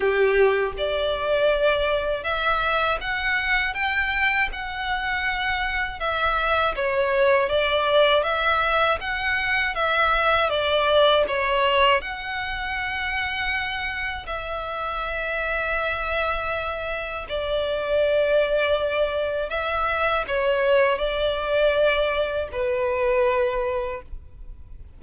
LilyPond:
\new Staff \with { instrumentName = "violin" } { \time 4/4 \tempo 4 = 80 g'4 d''2 e''4 | fis''4 g''4 fis''2 | e''4 cis''4 d''4 e''4 | fis''4 e''4 d''4 cis''4 |
fis''2. e''4~ | e''2. d''4~ | d''2 e''4 cis''4 | d''2 b'2 | }